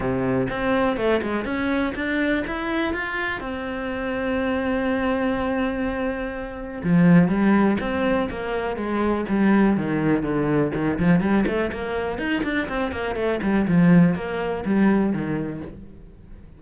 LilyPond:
\new Staff \with { instrumentName = "cello" } { \time 4/4 \tempo 4 = 123 c4 c'4 a8 gis8 cis'4 | d'4 e'4 f'4 c'4~ | c'1~ | c'2 f4 g4 |
c'4 ais4 gis4 g4 | dis4 d4 dis8 f8 g8 a8 | ais4 dis'8 d'8 c'8 ais8 a8 g8 | f4 ais4 g4 dis4 | }